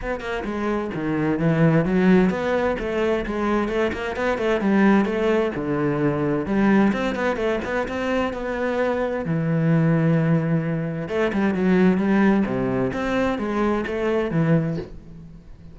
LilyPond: \new Staff \with { instrumentName = "cello" } { \time 4/4 \tempo 4 = 130 b8 ais8 gis4 dis4 e4 | fis4 b4 a4 gis4 | a8 ais8 b8 a8 g4 a4 | d2 g4 c'8 b8 |
a8 b8 c'4 b2 | e1 | a8 g8 fis4 g4 c4 | c'4 gis4 a4 e4 | }